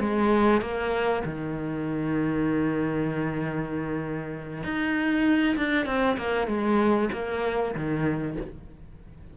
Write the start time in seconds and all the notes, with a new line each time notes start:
0.00 G#3
0.62 A#3
1.25 D#3
4.64 D#4
5.57 D4
5.86 C4
6.18 A#3
6.48 G#3
7.13 A#3
7.75 D#3